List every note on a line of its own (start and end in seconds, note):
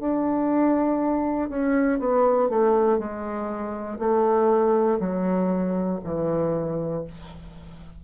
0.00 1.50 D4
1.50 2.00 C#4
2.00 2.50 B3
2.50 2.99 A3
2.99 3.99 G#3
4.00 5.00 A3
5.00 6.00 F#3
6.05 7.05 E3